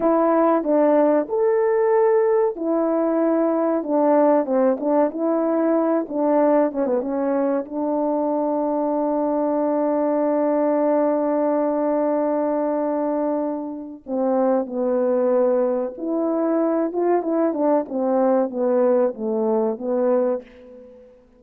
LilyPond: \new Staff \with { instrumentName = "horn" } { \time 4/4 \tempo 4 = 94 e'4 d'4 a'2 | e'2 d'4 c'8 d'8 | e'4. d'4 cis'16 b16 cis'4 | d'1~ |
d'1~ | d'2 c'4 b4~ | b4 e'4. f'8 e'8 d'8 | c'4 b4 a4 b4 | }